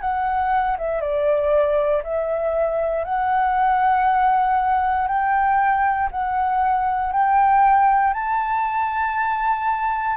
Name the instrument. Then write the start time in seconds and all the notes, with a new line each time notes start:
flute
0.00 F#5
0.78 E5
1.00 D5
2.03 E5
3.04 F#5
5.07 G5
6.11 F#5
7.12 G5
8.14 A5